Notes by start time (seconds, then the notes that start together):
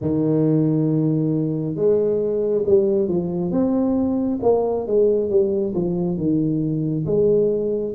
0.01 D#3
1.75 G#3
2.66 G3
3.08 F3
3.51 C4
4.42 A#3
4.86 G#3
5.29 G3
5.74 F3
6.17 D#3
7.06 G#3